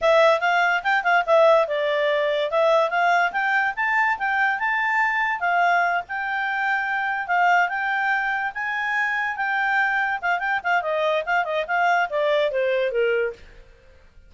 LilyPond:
\new Staff \with { instrumentName = "clarinet" } { \time 4/4 \tempo 4 = 144 e''4 f''4 g''8 f''8 e''4 | d''2 e''4 f''4 | g''4 a''4 g''4 a''4~ | a''4 f''4. g''4.~ |
g''4. f''4 g''4.~ | g''8 gis''2 g''4.~ | g''8 f''8 g''8 f''8 dis''4 f''8 dis''8 | f''4 d''4 c''4 ais'4 | }